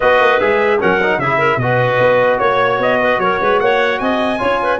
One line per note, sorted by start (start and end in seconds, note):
0.00 0.20 B3
0.00 0.40 F#4
0.00 0.79 B4
0.00 0.40 D#5
0.20 0.40 A#3
0.40 0.81 G#3
0.40 0.79 G#4
0.40 0.80 E5
0.79 1.18 F#3
0.79 0.99 C#4
0.79 1.19 A#4
0.79 1.19 F#5
1.02 1.22 D#4
1.18 1.56 C#3
1.18 1.61 E4
1.18 1.38 G#4
1.18 1.59 E5
1.38 1.58 A#4
1.56 1.96 B2
1.56 4.38 F#4
1.56 2.38 D#5
1.62 2.39 B4
1.99 2.39 B3
2.38 2.78 A#3
2.38 2.78 C#5
2.38 2.99 C#5
2.78 3.18 B3
2.78 3.20 D#5
3.02 3.22 B4
3.18 3.38 F#3
3.18 3.41 A#4
3.18 3.60 C#5
3.40 3.60 G#3
3.40 3.61 B4
3.60 3.99 A#3
3.60 4.01 C#5
3.60 3.99 F#5
3.99 4.39 C4
3.99 4.40 D#5
3.99 4.79 G#5
4.38 4.79 C#4
4.38 4.78 F4
4.38 4.60 C#5
4.62 4.79 B4